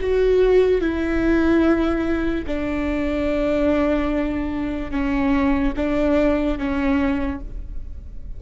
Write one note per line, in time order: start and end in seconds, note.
0.00 0.81 F#4
0.81 2.45 E4
2.47 4.91 D4
4.91 5.73 C#4
5.76 6.58 D4
6.58 7.40 C#4